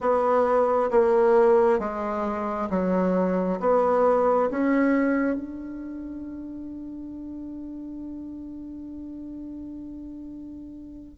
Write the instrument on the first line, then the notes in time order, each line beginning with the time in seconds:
bassoon
0.00 B3
0.90 A#3
1.79 G#3
2.69 F#3
3.59 B3
4.50 C#4
5.35 D4